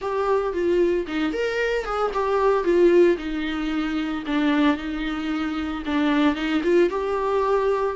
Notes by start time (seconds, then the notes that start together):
0.01 G4
0.53 F4
1.07 D#4
1.32 A#4
1.84 G#4
2.13 G4
2.64 F4
3.17 D#4
4.26 D4
4.76 D#4
5.85 D4
6.35 D#4
6.63 F4
6.89 G4